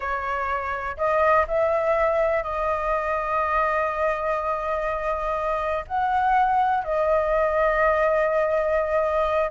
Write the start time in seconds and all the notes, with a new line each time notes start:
0.00 C#5
0.97 D#5
1.47 E5
2.43 D#5
5.87 F#5
6.84 D#5